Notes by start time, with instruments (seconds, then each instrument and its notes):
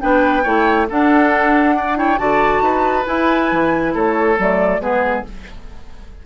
0.00 bassoon B3, clarinet D4, oboe B4, flute G5
0.44 bassoon A3, clarinet E4, oboe C#5
0.90 bassoon D4, clarinet D4, oboe A4, flute F#5
1.76 oboe D5
1.95 clarinet E4, oboe C#5, flute G5
2.18 bassoon D3, clarinet F#4, oboe D5, flute A5
2.61 bassoon D#4, oboe B4
3.05 clarinet E4, bassoon E4, flute G#5
3.52 bassoon E3
3.95 bassoon A3, oboe A4, flute C#5
4.39 bassoon F#3, clarinet A3, flute D5
4.80 bassoon G#3, clarinet B3, oboe G#4, flute B4